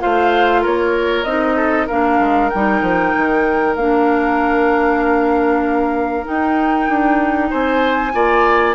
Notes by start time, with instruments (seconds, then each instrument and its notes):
0.00 bassoon A3, clarinet F4, oboe C5, flute F5
0.62 bassoon A#3, oboe A#4, flute C#5
1.24 bassoon C4, clarinet D#4, flute D#5
1.56 oboe A4
1.86 bassoon A#3, clarinet D4, oboe A#4, flute F5
2.19 bassoon G#3
2.49 bassoon G3, clarinet D#4, flute G5
2.82 bassoon F3
3.17 bassoon D#3
3.76 bassoon A#3, clarinet D4, flute F5
6.24 clarinet D#4, bassoon D#4, flute G5
6.89 bassoon D4
7.50 bassoon C4, oboe C5, flute G#5
8.13 bassoon A#3, clarinet F4, oboe D5